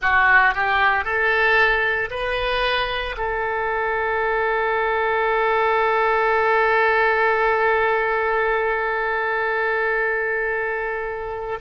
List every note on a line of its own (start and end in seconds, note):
0.01 0.54 F#4
0.54 1.04 G4
1.04 2.09 A4
2.10 3.15 B4
3.17 11.59 A4